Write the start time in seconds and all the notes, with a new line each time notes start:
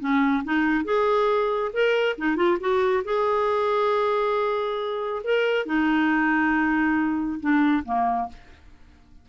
0.00 C#4
0.44 D#4
0.85 G#4
1.73 A#4
2.18 D#4
2.36 F4
2.60 F#4
3.05 G#4
5.24 A#4
5.66 D#4
7.40 D4
7.85 A#3